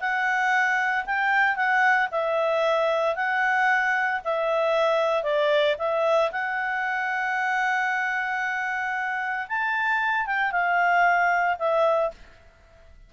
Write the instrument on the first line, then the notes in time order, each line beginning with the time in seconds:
clarinet
0.00 F#5
1.05 G5
1.56 F#5
2.11 E5
3.16 F#5
4.24 E5
5.23 D5
5.78 E5
6.32 F#5
9.48 A5
10.26 G5
10.51 F5
11.59 E5